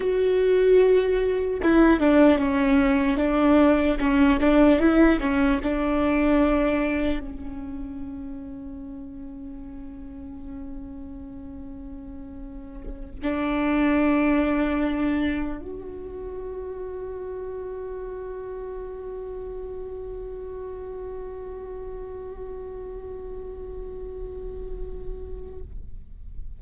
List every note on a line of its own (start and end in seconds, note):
0.00 1.60 F#4
1.62 2.00 E4
2.00 2.38 D4
2.38 3.17 C#4
3.17 3.97 D4
3.99 4.39 C#4
4.40 4.79 D4
4.79 5.19 E4
5.20 5.60 C#4
5.63 7.19 D4
7.19 13.19 C#4
13.22 15.61 D4
15.61 25.61 F#4